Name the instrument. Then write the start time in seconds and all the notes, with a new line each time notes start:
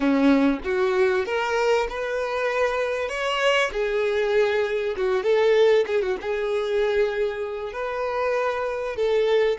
violin
0.00 C#4
0.64 F#4
1.25 A#4
1.89 B4
3.08 C#5
3.72 G#4
4.96 F#4
5.23 A4
5.86 G#4
6.01 F#4
6.21 G#4
7.73 B4
8.96 A4